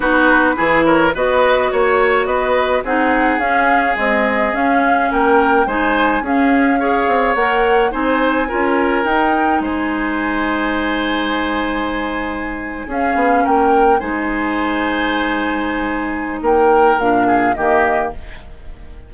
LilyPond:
<<
  \new Staff \with { instrumentName = "flute" } { \time 4/4 \tempo 4 = 106 b'4. cis''8 dis''4 cis''4 | dis''4 fis''4 f''4 dis''4 | f''4 g''4 gis''4 f''4~ | f''4 fis''4 gis''2 |
g''4 gis''2.~ | gis''2~ gis''8. f''4 g''16~ | g''8. gis''2.~ gis''16~ | gis''4 g''4 f''4 dis''4 | }
  \new Staff \with { instrumentName = "oboe" } { \time 4/4 fis'4 gis'8 ais'8 b'4 cis''4 | b'4 gis'2.~ | gis'4 ais'4 c''4 gis'4 | cis''2 c''4 ais'4~ |
ais'4 c''2.~ | c''2~ c''8. gis'4 ais'16~ | ais'8. c''2.~ c''16~ | c''4 ais'4. gis'8 g'4 | }
  \new Staff \with { instrumentName = "clarinet" } { \time 4/4 dis'4 e'4 fis'2~ | fis'4 dis'4 cis'4 gis4 | cis'2 dis'4 cis'4 | gis'4 ais'4 dis'4 f'4 |
dis'1~ | dis'2~ dis'8. cis'4~ cis'16~ | cis'8. dis'2.~ dis'16~ | dis'2 d'4 ais4 | }
  \new Staff \with { instrumentName = "bassoon" } { \time 4/4 b4 e4 b4 ais4 | b4 c'4 cis'4 c'4 | cis'4 ais4 gis4 cis'4~ | cis'8 c'8 ais4 c'4 cis'4 |
dis'4 gis2.~ | gis2~ gis8. cis'8 b8 ais16~ | ais8. gis2.~ gis16~ | gis4 ais4 ais,4 dis4 | }
>>